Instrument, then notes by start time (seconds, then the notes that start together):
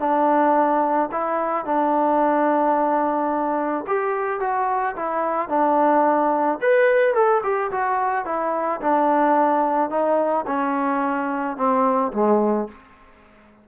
trombone
0.00 D4
1.12 E4
1.65 D4
3.87 G4
4.40 F#4
4.96 E4
5.49 D4
6.62 B4
7.14 A4
7.43 G4
7.71 F#4
8.25 E4
8.81 D4
9.90 D#4
10.47 C#4
11.57 C4
12.13 G#3